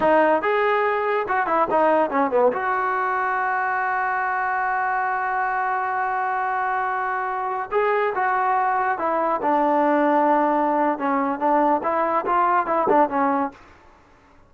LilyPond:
\new Staff \with { instrumentName = "trombone" } { \time 4/4 \tempo 4 = 142 dis'4 gis'2 fis'8 e'8 | dis'4 cis'8 b8 fis'2~ | fis'1~ | fis'1~ |
fis'2~ fis'16 gis'4 fis'8.~ | fis'4~ fis'16 e'4 d'4.~ d'16~ | d'2 cis'4 d'4 | e'4 f'4 e'8 d'8 cis'4 | }